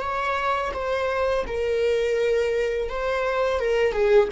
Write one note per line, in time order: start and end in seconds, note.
0.00 0.71 C#5
0.73 1.45 C5
1.46 2.89 A#4
2.89 3.59 C5
3.59 3.93 A#4
3.93 4.28 G#4